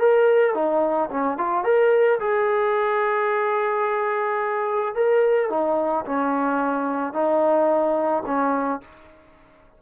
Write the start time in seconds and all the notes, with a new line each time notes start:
0.00 A#4
0.55 D#4
1.11 C#4
1.38 F4
1.64 A#4
2.20 G#4
4.95 A#4
5.50 D#4
6.06 C#4
7.13 D#4
8.26 C#4